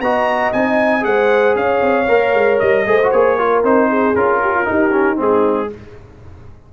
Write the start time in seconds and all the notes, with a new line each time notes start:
0.00 B3 F#4 D#5 A#5
0.52 C4 D#4 G#5
1.01 G#3 G#4 C5 F#5
1.55 C#4 C#5 F5
1.82 C4
2.08 A#3 A#4
2.34 G#3
2.59 G3 D#5
2.86 A3 G#4 C5
3.03 F#4
3.11 A#3 G#4 C#5
3.39 F4 A#4
3.63 C4 D#4 C5
3.89 G#4
4.15 C#4 F4 A#4
4.42 G4
4.55 F4
4.65 D#4 G4
4.92 C#4
5.15 G#3 C4 D#4 G#4